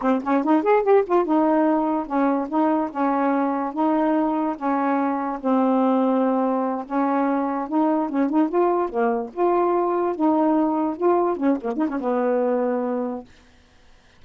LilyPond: \new Staff \with { instrumentName = "saxophone" } { \time 4/4 \tempo 4 = 145 c'8 cis'8 dis'8 gis'8 g'8 f'8 dis'4~ | dis'4 cis'4 dis'4 cis'4~ | cis'4 dis'2 cis'4~ | cis'4 c'2.~ |
c'8 cis'2 dis'4 cis'8 | dis'8 f'4 ais4 f'4.~ | f'8 dis'2 f'4 cis'8 | ais8 dis'16 cis'16 b2. | }